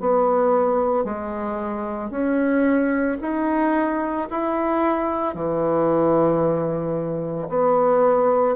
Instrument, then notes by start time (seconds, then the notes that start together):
bassoon
0.00 B3
1.05 G#3
2.10 C#4
3.21 D#4
4.31 E4
5.34 E3
7.49 B3